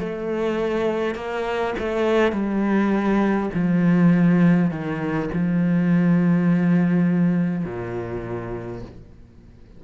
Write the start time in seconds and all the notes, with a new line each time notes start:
0.00 A3
1.16 A#3
1.79 A3
2.32 G3
3.54 F3
4.71 D#3
5.33 F3
7.65 A#2